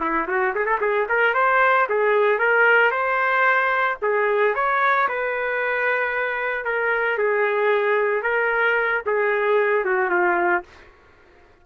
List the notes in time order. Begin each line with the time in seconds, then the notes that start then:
0.00 E4
0.28 F#4
0.55 G#4
0.66 A4
0.81 G#4
1.09 A#4
1.34 C5
1.89 G#4
2.39 A#4
2.91 C5
4.02 G#4
4.55 C#5
5.08 B4
6.65 A#4
7.18 G#4
8.22 A#4
9.06 G#4
9.85 F#4
10.10 F4